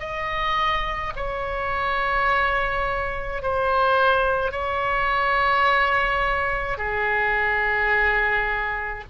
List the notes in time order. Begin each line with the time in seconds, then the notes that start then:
0.00 D#5
1.17 C#5
3.43 C5
4.52 C#5
6.78 G#4